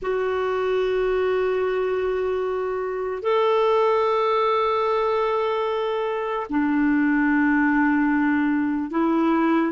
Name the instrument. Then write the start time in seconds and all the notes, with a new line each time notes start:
clarinet
0.02 F#4
3.22 A4
6.49 D4
8.90 E4